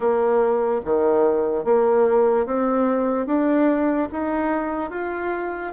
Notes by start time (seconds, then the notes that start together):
0.00 A#3
0.84 D#3
1.64 A#3
2.46 C4
3.26 D4
4.12 D#4
4.90 F4